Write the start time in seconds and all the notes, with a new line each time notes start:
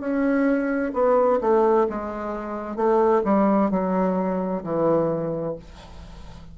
0.00 C#4
0.94 B3
1.41 A3
1.90 G#3
2.76 A3
3.25 G3
3.71 F#3
4.64 E3